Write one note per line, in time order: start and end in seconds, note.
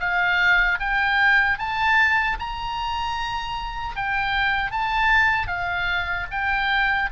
0.00 0.79 F5
0.80 1.59 G5
1.59 2.38 A5
2.39 3.96 A#5
3.96 4.71 G5
4.71 5.47 A5
5.47 6.26 F5
6.31 7.09 G5